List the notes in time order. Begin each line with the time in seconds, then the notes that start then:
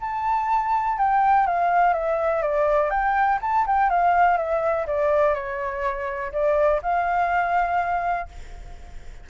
0.00 A5
0.97 G5
1.46 F5
1.93 E5
2.42 D5
2.90 G5
3.41 A5
3.66 G5
3.89 F5
4.37 E5
4.86 D5
5.34 C#5
6.32 D5
6.82 F5